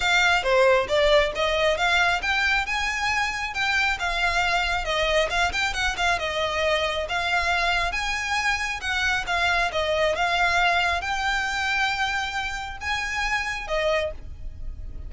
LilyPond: \new Staff \with { instrumentName = "violin" } { \time 4/4 \tempo 4 = 136 f''4 c''4 d''4 dis''4 | f''4 g''4 gis''2 | g''4 f''2 dis''4 | f''8 g''8 fis''8 f''8 dis''2 |
f''2 gis''2 | fis''4 f''4 dis''4 f''4~ | f''4 g''2.~ | g''4 gis''2 dis''4 | }